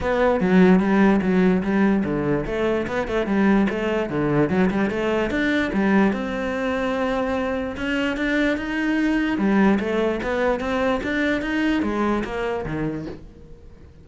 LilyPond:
\new Staff \with { instrumentName = "cello" } { \time 4/4 \tempo 4 = 147 b4 fis4 g4 fis4 | g4 d4 a4 b8 a8 | g4 a4 d4 fis8 g8 | a4 d'4 g4 c'4~ |
c'2. cis'4 | d'4 dis'2 g4 | a4 b4 c'4 d'4 | dis'4 gis4 ais4 dis4 | }